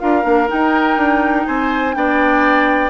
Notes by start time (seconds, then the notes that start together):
0.00 D4 F4 A#4 F5
0.22 A#3 D4
0.48 D#4 G5
0.97 D4
1.47 C4 C5 G#5
1.94 B3 D4 D5 G5